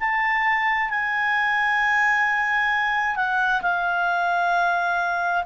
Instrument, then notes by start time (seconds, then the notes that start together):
clarinet
0.00 A5
0.90 G#5
3.16 F#5
3.62 F5